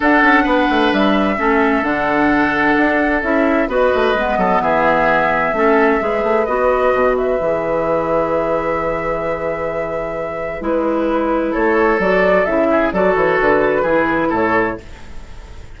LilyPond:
<<
  \new Staff \with { instrumentName = "flute" } { \time 4/4 \tempo 4 = 130 fis''2 e''2 | fis''2. e''4 | dis''2 e''2~ | e''2 dis''4. e''8~ |
e''1~ | e''2. b'4~ | b'4 cis''4 d''4 e''4 | d''8 cis''8 b'2 cis''4 | }
  \new Staff \with { instrumentName = "oboe" } { \time 4/4 a'4 b'2 a'4~ | a'1 | b'4. a'8 gis'2 | a'4 b'2.~ |
b'1~ | b'1~ | b'4 a'2~ a'8 gis'8 | a'2 gis'4 a'4 | }
  \new Staff \with { instrumentName = "clarinet" } { \time 4/4 d'2. cis'4 | d'2. e'4 | fis'4 b2. | cis'4 gis'4 fis'2 |
gis'1~ | gis'2. e'4~ | e'2 fis'4 e'4 | fis'2 e'2 | }
  \new Staff \with { instrumentName = "bassoon" } { \time 4/4 d'8 cis'8 b8 a8 g4 a4 | d2 d'4 cis'4 | b8 a8 gis8 fis8 e2 | a4 gis8 a8 b4 b,4 |
e1~ | e2. gis4~ | gis4 a4 fis4 cis4 | fis8 e8 d4 e4 a,4 | }
>>